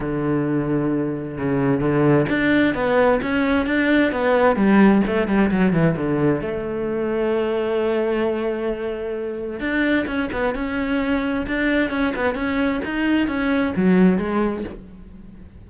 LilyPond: \new Staff \with { instrumentName = "cello" } { \time 4/4 \tempo 4 = 131 d2. cis4 | d4 d'4 b4 cis'4 | d'4 b4 g4 a8 g8 | fis8 e8 d4 a2~ |
a1~ | a4 d'4 cis'8 b8 cis'4~ | cis'4 d'4 cis'8 b8 cis'4 | dis'4 cis'4 fis4 gis4 | }